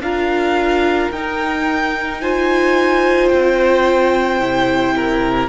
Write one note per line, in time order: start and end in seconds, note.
0.00 1.09 D4
0.00 1.13 F4
0.00 2.22 A#4
0.00 1.11 F5
1.11 3.29 D#4
1.11 2.22 D#4
1.11 2.21 G5
2.21 4.41 F4
2.21 4.95 C5
2.21 3.29 G#5
3.29 4.39 C4
3.29 5.47 G5
4.39 5.48 C3
4.39 5.49 E4
4.96 5.49 A#4